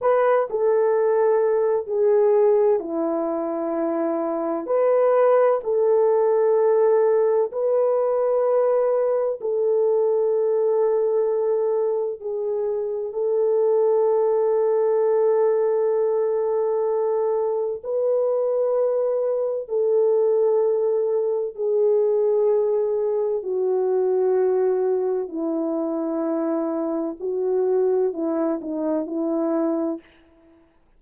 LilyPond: \new Staff \with { instrumentName = "horn" } { \time 4/4 \tempo 4 = 64 b'8 a'4. gis'4 e'4~ | e'4 b'4 a'2 | b'2 a'2~ | a'4 gis'4 a'2~ |
a'2. b'4~ | b'4 a'2 gis'4~ | gis'4 fis'2 e'4~ | e'4 fis'4 e'8 dis'8 e'4 | }